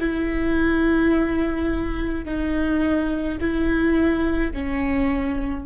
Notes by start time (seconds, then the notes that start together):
0.00 E4
2.25 D#4
3.41 E4
4.53 C#4